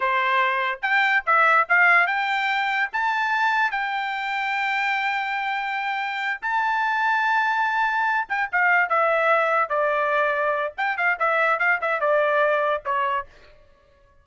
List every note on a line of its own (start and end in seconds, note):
0.00 0.79 C5
0.82 1.23 G5
1.25 1.67 E5
1.68 2.07 F5
2.07 2.89 G5
2.92 3.71 A5
3.71 6.40 G5
6.41 8.27 A5
8.28 8.49 G5
8.51 8.89 F5
8.89 9.69 E5
9.69 10.72 D5
10.77 10.97 G5
10.97 11.17 F5
11.19 11.59 E5
11.59 11.79 F5
11.81 12.00 E5
12.00 12.83 D5
12.85 13.26 C#5